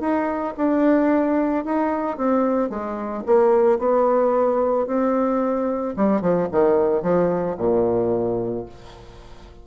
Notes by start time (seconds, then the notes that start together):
0.00 D#4
0.57 D4
1.65 D#4
2.17 C4
2.70 G#3
3.26 A#3
3.79 B3
4.87 C4
5.97 G3
6.21 F3
6.52 D#3
7.03 F3
7.58 A#2